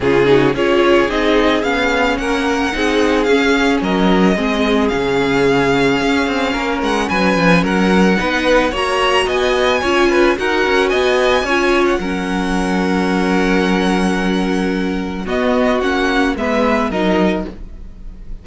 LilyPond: <<
  \new Staff \with { instrumentName = "violin" } { \time 4/4 \tempo 4 = 110 gis'4 cis''4 dis''4 f''4 | fis''2 f''4 dis''4~ | dis''4 f''2.~ | f''8 fis''8 gis''4 fis''2 |
ais''4 gis''2 fis''4 | gis''4.~ gis''16 fis''2~ fis''16~ | fis''1 | dis''4 fis''4 e''4 dis''4 | }
  \new Staff \with { instrumentName = "violin" } { \time 4/4 f'8 fis'8 gis'2. | ais'4 gis'2 ais'4 | gis'1 | ais'4 b'4 ais'4 b'4 |
cis''4 dis''4 cis''8 b'8 ais'4 | dis''4 cis''4 ais'2~ | ais'1 | fis'2 b'4 ais'4 | }
  \new Staff \with { instrumentName = "viola" } { \time 4/4 cis'8 dis'8 f'4 dis'4 cis'4~ | cis'4 dis'4 cis'2 | c'4 cis'2.~ | cis'2. dis'4 |
fis'2 f'4 fis'4~ | fis'4 f'4 cis'2~ | cis'1 | b4 cis'4 b4 dis'4 | }
  \new Staff \with { instrumentName = "cello" } { \time 4/4 cis4 cis'4 c'4 b4 | ais4 c'4 cis'4 fis4 | gis4 cis2 cis'8 c'8 | ais8 gis8 fis8 f8 fis4 b4 |
ais4 b4 cis'4 dis'8 cis'8 | b4 cis'4 fis2~ | fis1 | b4 ais4 gis4 fis4 | }
>>